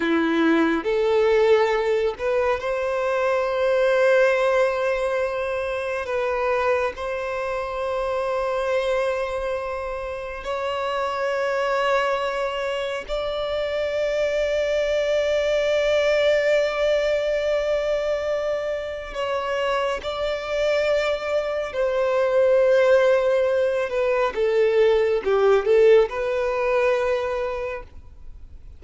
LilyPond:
\new Staff \with { instrumentName = "violin" } { \time 4/4 \tempo 4 = 69 e'4 a'4. b'8 c''4~ | c''2. b'4 | c''1 | cis''2. d''4~ |
d''1~ | d''2 cis''4 d''4~ | d''4 c''2~ c''8 b'8 | a'4 g'8 a'8 b'2 | }